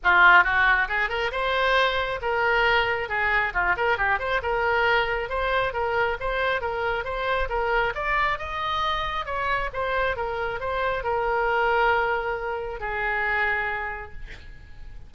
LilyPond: \new Staff \with { instrumentName = "oboe" } { \time 4/4 \tempo 4 = 136 f'4 fis'4 gis'8 ais'8 c''4~ | c''4 ais'2 gis'4 | f'8 ais'8 g'8 c''8 ais'2 | c''4 ais'4 c''4 ais'4 |
c''4 ais'4 d''4 dis''4~ | dis''4 cis''4 c''4 ais'4 | c''4 ais'2.~ | ais'4 gis'2. | }